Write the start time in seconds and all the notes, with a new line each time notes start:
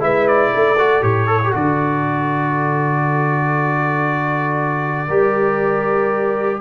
0.00 G#3 E4 B4 E5
0.27 D5
0.53 A3 A4
0.78 F#4
1.02 A2 G4 C#5
1.27 A4
1.44 G4
1.52 D3 F#4 D5
5.07 G3 G4 A#4